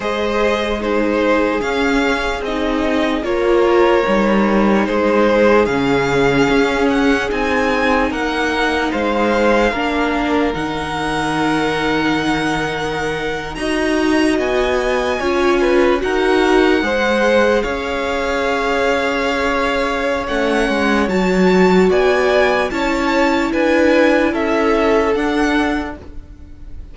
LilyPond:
<<
  \new Staff \with { instrumentName = "violin" } { \time 4/4 \tempo 4 = 74 dis''4 c''4 f''4 dis''4 | cis''2 c''4 f''4~ | f''8 fis''8 gis''4 fis''4 f''4~ | f''4 fis''2.~ |
fis''8. ais''4 gis''2 fis''16~ | fis''4.~ fis''16 f''2~ f''16~ | f''4 fis''4 a''4 gis''4 | a''4 gis''4 e''4 fis''4 | }
  \new Staff \with { instrumentName = "violin" } { \time 4/4 c''4 gis'2. | ais'2 gis'2~ | gis'2 ais'4 c''4 | ais'1~ |
ais'8. dis''2 cis''8 b'8 ais'16~ | ais'8. c''4 cis''2~ cis''16~ | cis''2. d''4 | cis''4 b'4 a'2 | }
  \new Staff \with { instrumentName = "viola" } { \time 4/4 gis'4 dis'4 cis'4 dis'4 | f'4 dis'2 cis'4~ | cis'4 dis'2. | d'4 dis'2.~ |
dis'8. fis'2 f'4 fis'16~ | fis'8. gis'2.~ gis'16~ | gis'4 cis'4 fis'2 | e'2. d'4 | }
  \new Staff \with { instrumentName = "cello" } { \time 4/4 gis2 cis'4 c'4 | ais4 g4 gis4 cis4 | cis'4 c'4 ais4 gis4 | ais4 dis2.~ |
dis8. dis'4 b4 cis'4 dis'16~ | dis'8. gis4 cis'2~ cis'16~ | cis'4 a8 gis8 fis4 b4 | cis'4 d'4 cis'4 d'4 | }
>>